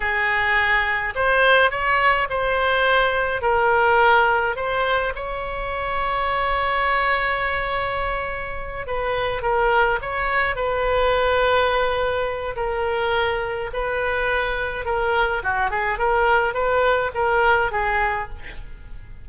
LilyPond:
\new Staff \with { instrumentName = "oboe" } { \time 4/4 \tempo 4 = 105 gis'2 c''4 cis''4 | c''2 ais'2 | c''4 cis''2.~ | cis''2.~ cis''8 b'8~ |
b'8 ais'4 cis''4 b'4.~ | b'2 ais'2 | b'2 ais'4 fis'8 gis'8 | ais'4 b'4 ais'4 gis'4 | }